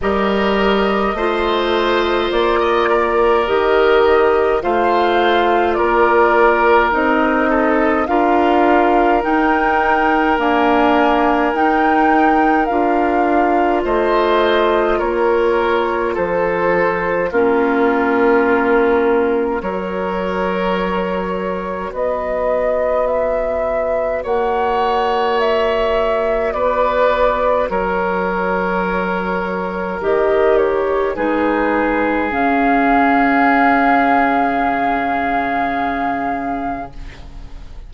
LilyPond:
<<
  \new Staff \with { instrumentName = "flute" } { \time 4/4 \tempo 4 = 52 dis''2 d''4 dis''4 | f''4 d''4 dis''4 f''4 | g''4 gis''4 g''4 f''4 | dis''4 cis''4 c''4 ais'4~ |
ais'4 cis''2 dis''4 | e''4 fis''4 e''4 d''4 | cis''2 dis''8 cis''8 b'4 | f''1 | }
  \new Staff \with { instrumentName = "oboe" } { \time 4/4 ais'4 c''4~ c''16 dis''16 ais'4. | c''4 ais'4. a'8 ais'4~ | ais'1 | c''4 ais'4 a'4 f'4~ |
f'4 ais'2 b'4~ | b'4 cis''2 b'4 | ais'2. gis'4~ | gis'1 | }
  \new Staff \with { instrumentName = "clarinet" } { \time 4/4 g'4 f'2 g'4 | f'2 dis'4 f'4 | dis'4 ais4 dis'4 f'4~ | f'2. cis'4~ |
cis'4 fis'2.~ | fis'1~ | fis'2 g'4 dis'4 | cis'1 | }
  \new Staff \with { instrumentName = "bassoon" } { \time 4/4 g4 a4 ais4 dis4 | a4 ais4 c'4 d'4 | dis'4 d'4 dis'4 d'4 | a4 ais4 f4 ais4~ |
ais4 fis2 b4~ | b4 ais2 b4 | fis2 dis4 gis4 | cis1 | }
>>